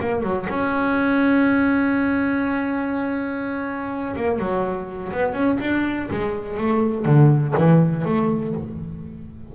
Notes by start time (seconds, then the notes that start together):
0.00 A#3
0.23 F#3
0.49 C#4
4.16 A#3
4.38 F#3
5.12 B3
5.33 C#4
5.60 D4
6.11 G#3
6.57 A3
7.05 D3
7.57 E3
8.05 A3